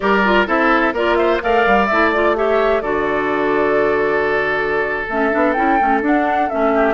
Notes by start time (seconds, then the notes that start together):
0.00 G3 G4 A#4 D5
0.24 F4
0.46 C4 E4 A4 E5
0.92 A#3 F4 A#4 D5
1.15 C5 E5
1.40 A3 A#4 D5 F5
1.66 G3
1.86 A3 E4 E5
2.12 F4 D5
2.35 G4 C#5 E5
2.81 D3 F#4 A4 D5
5.08 A3 C#4 E5
5.31 B3 D4
5.52 C#4 E4 G5
5.79 A3 C#4
6.01 D4 F#5
6.49 A3 C#4 E5
6.74 G4